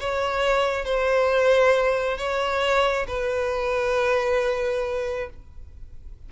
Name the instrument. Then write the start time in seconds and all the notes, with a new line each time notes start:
violin
0.00 C#5
0.84 C5
2.17 C#5
3.07 B4